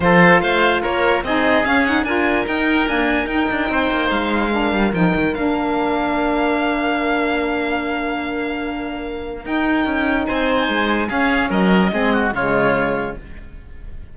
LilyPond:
<<
  \new Staff \with { instrumentName = "violin" } { \time 4/4 \tempo 4 = 146 c''4 f''4 cis''4 dis''4 | f''8 fis''8 gis''4 g''4 gis''4 | g''2 f''2 | g''4 f''2.~ |
f''1~ | f''2. g''4~ | g''4 gis''2 f''4 | dis''2 cis''2 | }
  \new Staff \with { instrumentName = "oboe" } { \time 4/4 a'4 c''4 ais'4 gis'4~ | gis'4 ais'2.~ | ais'4 c''2 ais'4~ | ais'1~ |
ais'1~ | ais'1~ | ais'4 c''2 gis'4 | ais'4 gis'8 fis'8 f'2 | }
  \new Staff \with { instrumentName = "saxophone" } { \time 4/4 f'2. dis'4 | cis'8 dis'8 f'4 dis'4 ais4 | dis'2. d'4 | dis'4 d'2.~ |
d'1~ | d'2. dis'4~ | dis'2. cis'4~ | cis'4 c'4 gis2 | }
  \new Staff \with { instrumentName = "cello" } { \time 4/4 f4 a4 ais4 c'4 | cis'4 d'4 dis'4 d'4 | dis'8 d'8 c'8 ais8 gis4. g8 | f8 dis8 ais2.~ |
ais1~ | ais2. dis'4 | cis'4 c'4 gis4 cis'4 | fis4 gis4 cis2 | }
>>